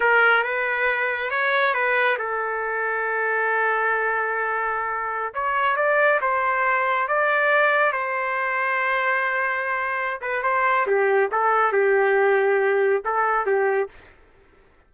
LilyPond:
\new Staff \with { instrumentName = "trumpet" } { \time 4/4 \tempo 4 = 138 ais'4 b'2 cis''4 | b'4 a'2.~ | a'1~ | a'16 cis''4 d''4 c''4.~ c''16~ |
c''16 d''2 c''4.~ c''16~ | c''2.~ c''8 b'8 | c''4 g'4 a'4 g'4~ | g'2 a'4 g'4 | }